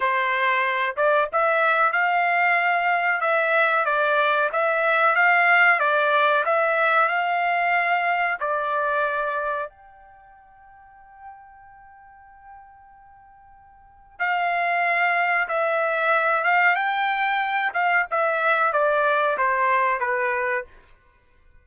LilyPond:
\new Staff \with { instrumentName = "trumpet" } { \time 4/4 \tempo 4 = 93 c''4. d''8 e''4 f''4~ | f''4 e''4 d''4 e''4 | f''4 d''4 e''4 f''4~ | f''4 d''2 g''4~ |
g''1~ | g''2 f''2 | e''4. f''8 g''4. f''8 | e''4 d''4 c''4 b'4 | }